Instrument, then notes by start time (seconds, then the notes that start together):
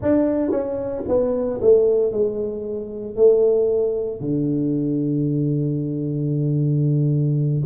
tuba
0.02 D4
0.50 C#4
1.08 B3
1.61 A3
2.11 G#3
3.16 A3
4.20 D3